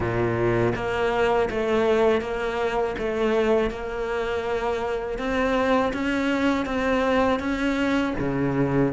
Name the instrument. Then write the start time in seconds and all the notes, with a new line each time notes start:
cello
0.00 A#2
0.75 A#3
1.50 A3
2.21 A#3
2.98 A3
3.70 A#3
5.18 C4
5.93 C#4
6.65 C4
7.39 C#4
8.19 C#3